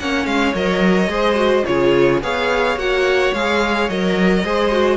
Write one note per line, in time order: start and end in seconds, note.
0.00 0.26 A#3
0.00 0.55 C#4
0.00 1.11 C#5
0.00 0.27 F#5
0.26 0.54 G#3
0.26 0.54 F5
0.54 1.08 F#3
0.54 1.10 A#4
0.54 1.65 D#5
1.08 1.63 G#3
1.08 1.36 G#4
1.08 1.67 C5
1.36 1.63 F#4
1.65 2.22 C#3
1.65 2.22 F4
1.65 2.24 G#4
1.65 2.21 C#5
2.22 2.76 B3
2.22 2.78 G#4
2.22 4.44 C#5
2.22 2.79 F5
2.76 3.32 A#3
2.76 3.34 F#4
2.76 3.34 F#5
3.34 3.89 G#3
3.34 3.91 G#4
3.34 3.89 F5
3.89 4.44 F#3
3.89 4.45 A#4
3.89 4.97 D#5
4.44 4.97 G#3
4.44 4.72 G#4
4.44 4.97 C5
4.72 4.97 F#4